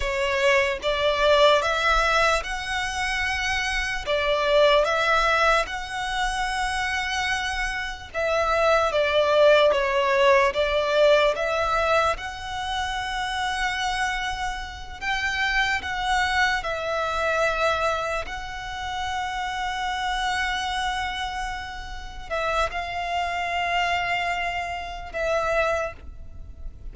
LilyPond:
\new Staff \with { instrumentName = "violin" } { \time 4/4 \tempo 4 = 74 cis''4 d''4 e''4 fis''4~ | fis''4 d''4 e''4 fis''4~ | fis''2 e''4 d''4 | cis''4 d''4 e''4 fis''4~ |
fis''2~ fis''8 g''4 fis''8~ | fis''8 e''2 fis''4.~ | fis''2.~ fis''8 e''8 | f''2. e''4 | }